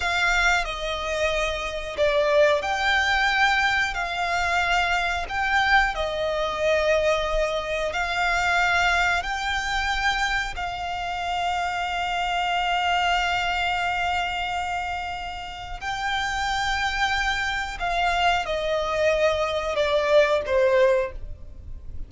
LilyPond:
\new Staff \with { instrumentName = "violin" } { \time 4/4 \tempo 4 = 91 f''4 dis''2 d''4 | g''2 f''2 | g''4 dis''2. | f''2 g''2 |
f''1~ | f''1 | g''2. f''4 | dis''2 d''4 c''4 | }